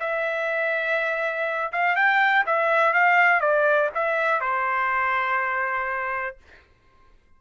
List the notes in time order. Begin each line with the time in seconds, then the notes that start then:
0.00 E5
1.72 F5
1.96 G5
2.47 E5
2.94 F5
3.41 D5
3.95 E5
4.41 C5